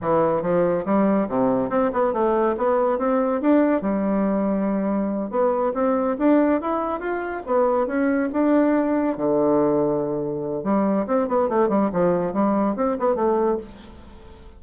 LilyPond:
\new Staff \with { instrumentName = "bassoon" } { \time 4/4 \tempo 4 = 141 e4 f4 g4 c4 | c'8 b8 a4 b4 c'4 | d'4 g2.~ | g8 b4 c'4 d'4 e'8~ |
e'8 f'4 b4 cis'4 d'8~ | d'4. d2~ d8~ | d4 g4 c'8 b8 a8 g8 | f4 g4 c'8 b8 a4 | }